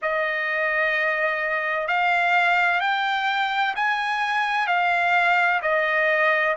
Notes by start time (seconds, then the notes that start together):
0.02 D#5
1.87 F5
2.80 G5
3.75 G#5
4.67 F5
5.62 D#5